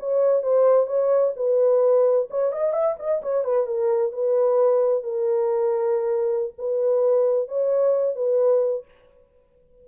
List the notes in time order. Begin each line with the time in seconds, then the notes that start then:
0.00 C#5
0.43 C5
0.87 C#5
1.37 B4
2.31 C#5
2.53 D#5
2.74 E5
2.99 D#5
3.22 C#5
3.45 B4
3.67 A#4
4.13 B4
5.04 A#4
6.59 B4
7.49 C#5
8.16 B4